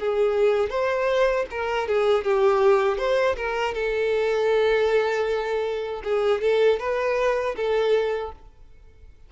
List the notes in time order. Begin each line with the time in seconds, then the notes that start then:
0.00 G#4
0.70 C5
1.51 A#4
1.88 G#4
2.24 G4
2.98 C5
3.36 A#4
3.75 A4
6.04 G#4
6.41 A4
6.80 B4
7.56 A4